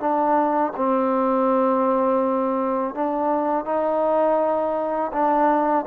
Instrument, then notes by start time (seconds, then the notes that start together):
trombone
0.00 D4
0.76 C4
2.95 D4
3.65 D#4
5.13 D4